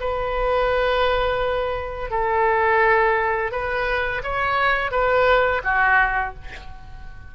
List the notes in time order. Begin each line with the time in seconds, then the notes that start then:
0.00 B4
2.11 A4
3.52 B4
4.23 C#5
4.91 B4
5.64 F#4